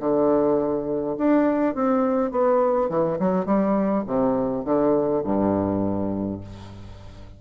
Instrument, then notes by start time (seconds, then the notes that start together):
bassoon
0.00 D3
1.18 D4
1.75 C4
2.32 B3
2.90 E3
3.19 F#3
3.46 G3
4.07 C3
4.65 D3
5.24 G2